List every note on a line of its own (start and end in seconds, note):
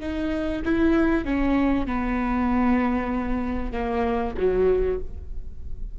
0.00 0.62 D#4
0.65 1.25 E4
1.25 1.87 C#4
1.87 3.72 B3
3.72 4.34 A#3
4.37 4.99 F#3